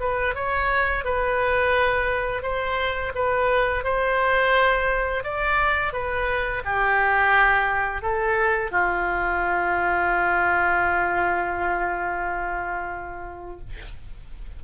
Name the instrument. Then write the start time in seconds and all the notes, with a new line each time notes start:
oboe
0.00 B4
0.35 C#5
1.05 B4
2.43 C5
3.15 B4
3.84 C5
5.24 D5
5.93 B4
6.65 G4
8.02 A4
8.71 F4